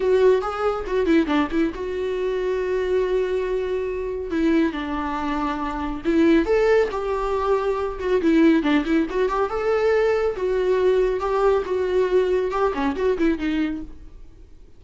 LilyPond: \new Staff \with { instrumentName = "viola" } { \time 4/4 \tempo 4 = 139 fis'4 gis'4 fis'8 e'8 d'8 e'8 | fis'1~ | fis'2 e'4 d'4~ | d'2 e'4 a'4 |
g'2~ g'8 fis'8 e'4 | d'8 e'8 fis'8 g'8 a'2 | fis'2 g'4 fis'4~ | fis'4 g'8 cis'8 fis'8 e'8 dis'4 | }